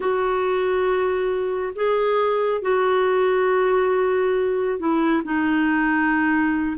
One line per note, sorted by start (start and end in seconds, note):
0.00 1.73 F#4
1.75 2.61 G#4
2.61 4.79 F#4
4.79 5.22 E4
5.24 6.76 D#4